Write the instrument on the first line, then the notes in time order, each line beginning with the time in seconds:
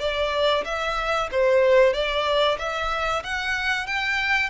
violin
0.00 D5
0.65 E5
1.32 C5
1.94 D5
2.59 E5
3.24 F#5
3.87 G5